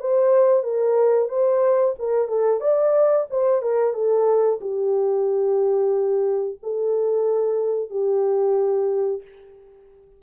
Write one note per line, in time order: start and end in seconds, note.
0.00 0.64 C5
0.64 1.29 A#4
1.29 1.95 C5
1.99 2.28 A#4
2.28 2.61 A4
2.61 3.27 D5
3.30 3.62 C5
3.62 3.94 A#4
3.94 4.60 A4
4.61 6.59 G4
6.63 7.90 A4
7.90 9.22 G4